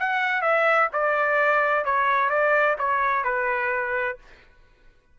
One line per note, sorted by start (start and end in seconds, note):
0.00 0.42 F#5
0.42 0.89 E5
0.93 1.85 D5
1.85 2.30 C#5
2.30 2.77 D5
2.79 3.24 C#5
3.24 4.18 B4